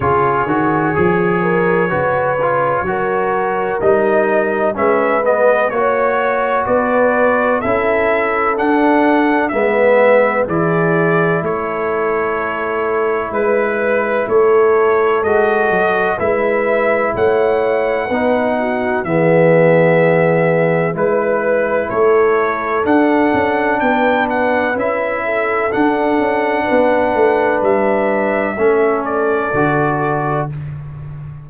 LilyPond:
<<
  \new Staff \with { instrumentName = "trumpet" } { \time 4/4 \tempo 4 = 63 cis''1 | dis''4 e''8 dis''8 cis''4 d''4 | e''4 fis''4 e''4 d''4 | cis''2 b'4 cis''4 |
dis''4 e''4 fis''2 | e''2 b'4 cis''4 | fis''4 g''8 fis''8 e''4 fis''4~ | fis''4 e''4. d''4. | }
  \new Staff \with { instrumentName = "horn" } { \time 4/4 gis'4. ais'8 b'4 ais'4~ | ais'4 b'4 cis''4 b'4 | a'2 b'4 gis'4 | a'2 b'4 a'4~ |
a'4 b'4 cis''4 b'8 fis'8 | gis'2 b'4 a'4~ | a'4 b'4. a'4. | b'2 a'2 | }
  \new Staff \with { instrumentName = "trombone" } { \time 4/4 f'8 fis'8 gis'4 fis'8 f'8 fis'4 | dis'4 cis'8 b8 fis'2 | e'4 d'4 b4 e'4~ | e'1 |
fis'4 e'2 dis'4 | b2 e'2 | d'2 e'4 d'4~ | d'2 cis'4 fis'4 | }
  \new Staff \with { instrumentName = "tuba" } { \time 4/4 cis8 dis8 f4 cis4 fis4 | g4 gis4 ais4 b4 | cis'4 d'4 gis4 e4 | a2 gis4 a4 |
gis8 fis8 gis4 a4 b4 | e2 gis4 a4 | d'8 cis'8 b4 cis'4 d'8 cis'8 | b8 a8 g4 a4 d4 | }
>>